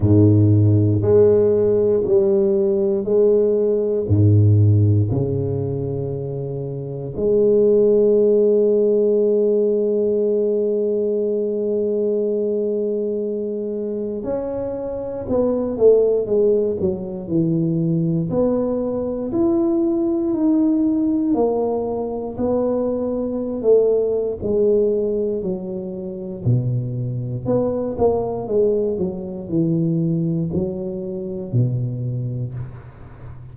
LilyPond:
\new Staff \with { instrumentName = "tuba" } { \time 4/4 \tempo 4 = 59 gis,4 gis4 g4 gis4 | gis,4 cis2 gis4~ | gis1~ | gis2 cis'4 b8 a8 |
gis8 fis8 e4 b4 e'4 | dis'4 ais4 b4~ b16 a8. | gis4 fis4 b,4 b8 ais8 | gis8 fis8 e4 fis4 b,4 | }